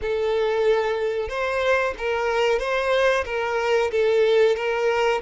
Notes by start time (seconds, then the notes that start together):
0.01 A4
1.29 C5
1.98 A#4
2.59 C5
3.25 A#4
3.91 A4
4.56 A#4